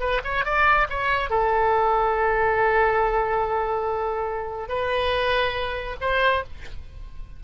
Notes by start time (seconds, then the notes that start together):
0.00 B4
0.24 C#5
0.45 D5
0.90 C#5
1.30 A4
4.69 B4
6.01 C5